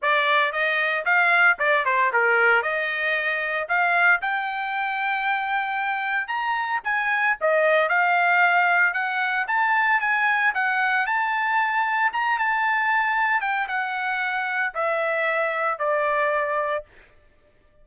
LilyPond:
\new Staff \with { instrumentName = "trumpet" } { \time 4/4 \tempo 4 = 114 d''4 dis''4 f''4 d''8 c''8 | ais'4 dis''2 f''4 | g''1 | ais''4 gis''4 dis''4 f''4~ |
f''4 fis''4 a''4 gis''4 | fis''4 a''2 ais''8 a''8~ | a''4. g''8 fis''2 | e''2 d''2 | }